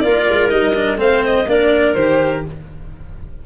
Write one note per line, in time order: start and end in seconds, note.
0.00 0.29 A#3
0.00 0.49 F4
0.00 0.99 A#4
0.00 0.48 D5
0.29 0.51 G#3
0.49 0.97 G3
0.49 0.73 D#4
0.49 0.98 D#5
0.75 0.98 D4
0.97 1.45 A3
0.97 1.46 C4
0.97 1.47 C5
0.97 1.24 F5
1.26 1.50 D#5
1.47 1.95 A#3
1.47 1.96 D4
1.47 2.46 A#4
1.47 1.94 D5
1.94 2.43 D#3
1.94 2.46 G4
1.94 2.42 C5